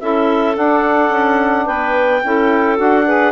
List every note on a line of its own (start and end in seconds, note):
0.00 0.56 C#4
0.00 0.53 E4
0.00 1.66 A4
0.00 0.56 E5
0.53 2.20 D4
0.53 1.10 D4
0.53 1.66 F#5
1.10 1.65 C#4
1.66 2.23 B3
1.66 2.21 B4
1.66 2.77 G5
2.23 2.79 C#4
2.23 2.77 E4
2.23 3.07 A4
2.77 3.32 D4
2.77 3.04 F#4
2.77 3.32 F#5
3.06 3.32 G#4
3.06 3.32 B4